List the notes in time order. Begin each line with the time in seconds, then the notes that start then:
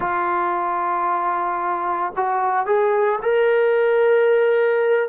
0.00 F4
2.16 F#4
2.65 G#4
3.22 A#4